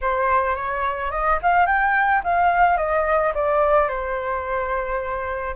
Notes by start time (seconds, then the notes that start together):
0.01 C5
0.55 C#5
1.11 D#5
1.42 F5
1.66 G5
2.23 F5
2.77 D#5
3.34 D5
3.88 C5